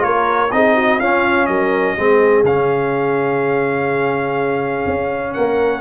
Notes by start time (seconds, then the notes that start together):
0.00 A#3 F4 A#4 C#5
0.52 C4 D#4 G#4 D#5
0.76 F#4
1.00 C#4 F4 F5
1.47 F#3 A#4 D#5
1.97 G#3 C4 G#4
2.44 C#3 C#4 F5
4.87 C#4
5.34 A#3 A#4 F#5